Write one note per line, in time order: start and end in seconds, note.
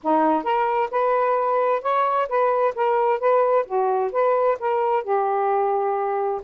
0.03 0.43 D#4
0.43 0.89 A#4
0.91 1.82 B4
1.82 2.28 C#5
2.28 2.74 B4
2.75 3.19 A#4
3.19 3.65 B4
3.65 4.11 F#4
4.12 4.57 B4
4.59 5.03 A#4
5.03 6.41 G4